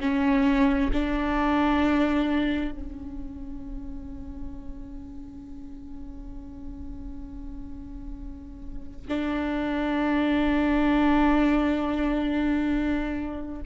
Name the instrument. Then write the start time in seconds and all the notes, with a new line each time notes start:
viola
0.00 C#4
0.93 D4
2.71 C#4
9.08 D4